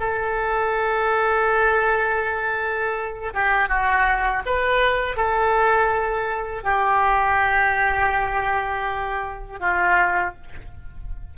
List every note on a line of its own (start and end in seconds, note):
0.00 3.33 A4
3.34 3.68 G4
3.68 4.42 F#4
4.46 5.16 B4
5.16 6.63 A4
6.63 9.60 G4
9.60 10.34 F4